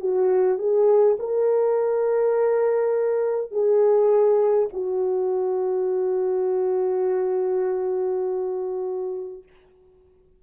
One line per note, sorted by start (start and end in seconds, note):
0.00 0.59 F#4
0.59 1.18 G#4
1.19 3.51 A#4
3.51 4.69 G#4
4.73 9.43 F#4